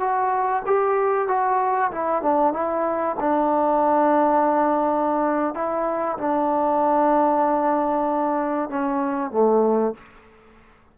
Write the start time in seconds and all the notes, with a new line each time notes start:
0.00 F#4
0.67 G4
1.28 F#4
1.92 E4
2.22 D4
2.53 E4
3.20 D4
5.54 E4
6.18 D4
8.70 C#4
9.31 A3